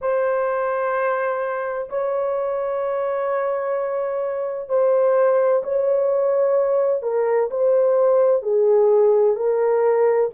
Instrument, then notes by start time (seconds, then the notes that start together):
horn
0.01 C5
1.89 C#5
4.69 C5
5.62 C#5
7.02 A#4
7.50 C5
8.42 G#4
9.36 A#4